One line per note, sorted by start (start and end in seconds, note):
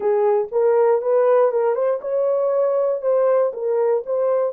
0.00 0.48 G#4
0.51 1.01 A#4
1.01 1.51 B4
1.51 1.74 A#4
1.74 1.99 C5
2.01 3.01 C#5
3.01 3.52 C5
3.53 4.03 A#4
4.05 4.52 C5